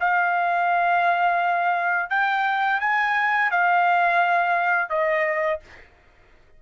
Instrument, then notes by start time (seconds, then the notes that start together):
trumpet
0.00 F5
2.09 G5
2.80 G#5
3.51 F5
4.89 D#5